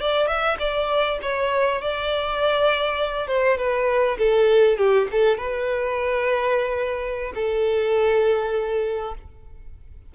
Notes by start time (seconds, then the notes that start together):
0.00 D5
0.27 E5
0.59 D5
1.22 C#5
1.81 D5
3.27 C5
3.57 B4
4.18 A4
4.77 G4
5.11 A4
5.38 B4
7.34 A4